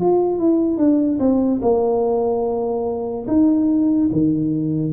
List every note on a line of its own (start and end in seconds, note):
0.00 0.38 F4
0.38 0.77 E4
0.77 1.18 D4
1.19 1.60 C4
1.62 3.26 A#3
3.27 4.09 D#4
4.12 4.92 D#3